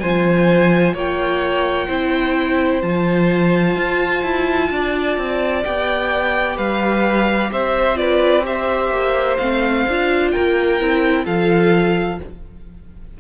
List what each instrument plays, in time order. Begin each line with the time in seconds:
0.00 cello F3, viola F4, violin C5 G#5
0.94 cello A#3, violin C#5 G5
1.88 cello C4, viola E4, violin C5
2.82 cello F3, viola F4, violin A5
3.76 cello F4
4.23 cello E4
4.70 cello D4, violin D5
5.17 cello C4
5.64 cello B3, viola G4, violin G5
6.57 cello G3, violin B4 F5
7.51 cello C4, violin C5 E5
7.95 viola F4, violin B4 D5
8.44 viola G4, violin C5 E5
8.90 cello A#3
9.37 cello A3, viola C4, violin F5
9.87 cello D4, viola F4
10.31 cello A#3, violin A#4 G5
10.80 cello C4, viola E4
11.24 cello F3, viola F4, violin A4 F5